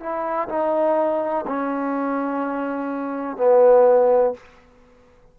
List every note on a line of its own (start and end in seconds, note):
0.00 0.48 E4
0.49 1.46 D#4
1.47 3.37 C#4
3.37 4.34 B3